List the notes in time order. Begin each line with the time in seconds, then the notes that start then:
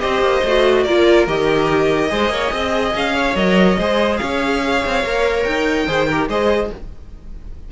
0.00 C4 G4 C5 D#5
0.21 A#3
0.44 A3 F#4
0.84 A#3 F4 A#4 D5
1.27 D#3 G4 D#5
2.09 G#3 G#4 C5
2.29 A#3 C#5
2.52 C4 D#5
2.95 C#4 F5
3.16 C#5
3.36 F#3 A#4 D#5
3.78 G#3 G#4 C5
4.17 C#4 C#5 F5
4.86 C4
5.04 A#3 A#4
5.43 D#4 G5
5.87 D#3 G#4 C5
6.08 G4 A#4
6.28 G#3 G#4 C5 D#5